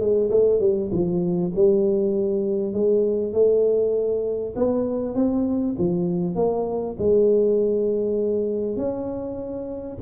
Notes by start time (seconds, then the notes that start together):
0.00 G#3
0.31 A3
0.60 G3
0.92 F3
1.55 G3
2.73 G#3
3.33 A3
4.56 B3
5.15 C4
5.78 F3
6.36 A#3
6.98 G#3
8.77 C#4